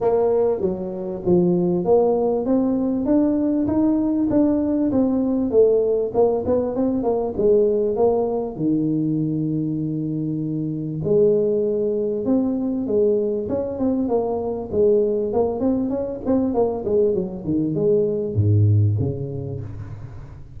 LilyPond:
\new Staff \with { instrumentName = "tuba" } { \time 4/4 \tempo 4 = 98 ais4 fis4 f4 ais4 | c'4 d'4 dis'4 d'4 | c'4 a4 ais8 b8 c'8 ais8 | gis4 ais4 dis2~ |
dis2 gis2 | c'4 gis4 cis'8 c'8 ais4 | gis4 ais8 c'8 cis'8 c'8 ais8 gis8 | fis8 dis8 gis4 gis,4 cis4 | }